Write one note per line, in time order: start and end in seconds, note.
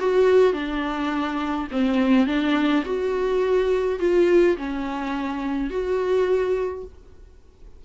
0.00 0.53 F#4
0.53 1.68 D4
1.72 2.27 C4
2.27 2.84 D4
2.85 3.99 F#4
4.00 4.57 F4
4.57 5.70 C#4
5.70 6.84 F#4